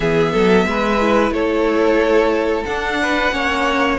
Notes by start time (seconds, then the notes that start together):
0.00 E3 B3 G#4 E5
0.32 F#3 A4
0.66 G#3 B4
1.00 E4
1.30 A3 A4 C#5
2.65 D4 F#5
3.02 B4
3.31 A#3 C#4 C#5